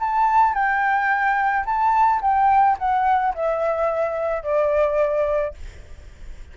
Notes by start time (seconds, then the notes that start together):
0.00 A5
0.54 G5
1.66 A5
2.22 G5
2.79 F#5
3.35 E5
4.43 D5